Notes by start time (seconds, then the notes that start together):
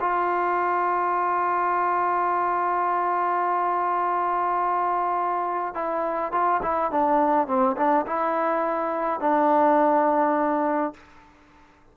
0.00 F4
5.74 E4
6.32 F4
6.62 E4
6.91 D4
7.47 C4
7.77 D4
8.06 E4
9.20 D4